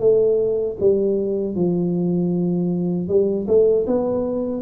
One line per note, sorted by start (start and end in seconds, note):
0.00 0.77 A3
0.80 1.55 G3
1.55 3.09 F3
3.09 3.47 G3
3.48 3.86 A3
3.87 4.62 B3